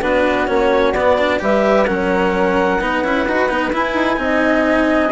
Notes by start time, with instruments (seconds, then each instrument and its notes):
0.00 bassoon B3, cello D4, flute F#4, clarinet B4
0.47 bassoon A#3, cello C#4, clarinet C#5
0.93 bassoon B3, cello B3, clarinet D5
1.18 cello D4
1.39 bassoon G3, cello G4, flute B4, clarinet E5
1.85 bassoon F#3, cello C#4, flute A#4, clarinet F#5
2.80 bassoon B3, cello D#4, flute B4
3.02 bassoon C#4, cello E4
3.27 bassoon D#4, cello F#4
3.48 bassoon B3, cello D#4
3.73 cello E4, bassoon E4, clarinet G#5
3.93 bassoon D#4
4.16 bassoon C4, cello D#4, flute D#5